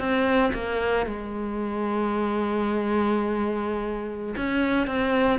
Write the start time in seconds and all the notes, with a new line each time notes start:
0.00 C4
0.54 A#3
1.06 G#3
4.37 C#4
4.88 C4